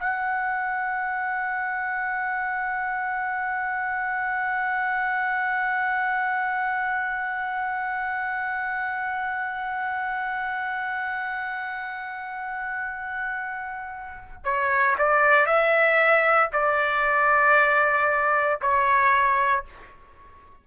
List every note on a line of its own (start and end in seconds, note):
0.00 14.45 F#5
14.45 14.96 C#5
14.99 15.47 D5
15.47 16.50 E5
16.53 18.60 D5
18.62 19.65 C#5